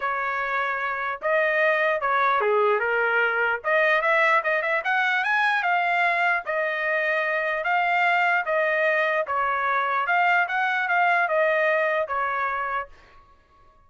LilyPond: \new Staff \with { instrumentName = "trumpet" } { \time 4/4 \tempo 4 = 149 cis''2. dis''4~ | dis''4 cis''4 gis'4 ais'4~ | ais'4 dis''4 e''4 dis''8 e''8 | fis''4 gis''4 f''2 |
dis''2. f''4~ | f''4 dis''2 cis''4~ | cis''4 f''4 fis''4 f''4 | dis''2 cis''2 | }